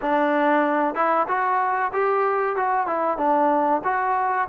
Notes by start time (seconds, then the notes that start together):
0.01 D4
0.94 E4
1.28 F#4
1.93 G4
2.55 F#4
2.86 E4
3.17 D4
3.84 F#4